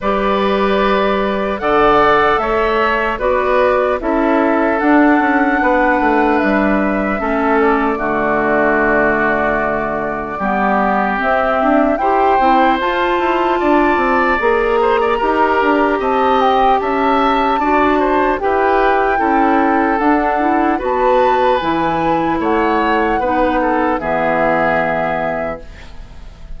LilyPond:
<<
  \new Staff \with { instrumentName = "flute" } { \time 4/4 \tempo 4 = 75 d''2 fis''4 e''4 | d''4 e''4 fis''2 | e''4. d''2~ d''8~ | d''2 e''4 g''4 |
a''2 ais''2 | a''8 g''8 a''2 g''4~ | g''4 fis''4 a''4 gis''4 | fis''2 e''2 | }
  \new Staff \with { instrumentName = "oboe" } { \time 4/4 b'2 d''4 cis''4 | b'4 a'2 b'4~ | b'4 a'4 fis'2~ | fis'4 g'2 c''4~ |
c''4 d''4. c''16 d''16 ais'4 | dis''4 e''4 d''8 c''8 b'4 | a'2 b'2 | cis''4 b'8 a'8 gis'2 | }
  \new Staff \with { instrumentName = "clarinet" } { \time 4/4 g'2 a'2 | fis'4 e'4 d'2~ | d'4 cis'4 a2~ | a4 b4 c'4 g'8 e'8 |
f'2 gis'4 g'4~ | g'2 fis'4 g'4 | e'4 d'8 e'8 fis'4 e'4~ | e'4 dis'4 b2 | }
  \new Staff \with { instrumentName = "bassoon" } { \time 4/4 g2 d4 a4 | b4 cis'4 d'8 cis'8 b8 a8 | g4 a4 d2~ | d4 g4 c'8 d'8 e'8 c'8 |
f'8 e'8 d'8 c'8 ais4 dis'8 d'8 | c'4 cis'4 d'4 e'4 | cis'4 d'4 b4 e4 | a4 b4 e2 | }
>>